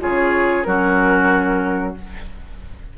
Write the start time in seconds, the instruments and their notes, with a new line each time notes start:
0.00 bassoon C#3, clarinet F4, oboe G#4, flute C#5
0.64 bassoon F#3, clarinet C#4, oboe F#4, flute A#4